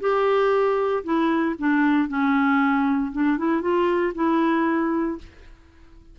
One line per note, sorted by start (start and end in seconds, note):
0.00 1.03 G4
1.03 1.55 E4
1.58 2.08 D4
2.08 3.12 C#4
3.12 3.38 D4
3.38 3.61 E4
3.61 4.13 F4
4.14 5.18 E4